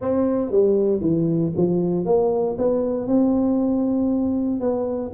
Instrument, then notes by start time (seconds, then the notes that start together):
tuba
0.01 C4
0.51 G3
1.00 E3
1.56 F3
2.05 A#3
2.58 B3
3.07 C4
4.60 B3